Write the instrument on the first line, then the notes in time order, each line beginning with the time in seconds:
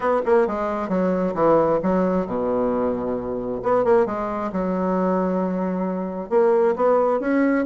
bassoon
0.00 B3
0.25 A#3
0.47 G#3
0.88 F#3
1.34 E3
1.83 F#3
2.26 B2
3.62 B3
3.84 A#3
4.06 G#3
4.52 F#3
6.29 A#3
6.75 B3
7.20 C#4